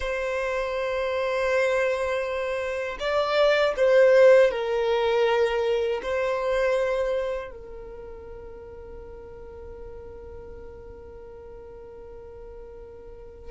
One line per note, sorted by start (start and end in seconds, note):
0.00 2.97 C5
2.99 3.74 D5
3.76 4.51 C5
4.51 6.01 A#4
6.02 7.50 C5
7.50 13.50 A#4